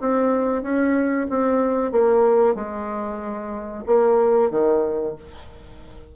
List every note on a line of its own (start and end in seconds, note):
0.00 0.62 C4
0.62 1.27 C#4
1.29 1.91 C4
1.91 2.55 A#3
2.55 3.84 G#3
3.86 4.50 A#3
4.50 5.15 D#3